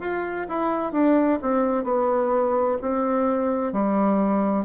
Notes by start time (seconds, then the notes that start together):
0.00 F4
0.49 E4
0.92 D4
1.42 C4
1.84 B3
2.82 C4
3.73 G3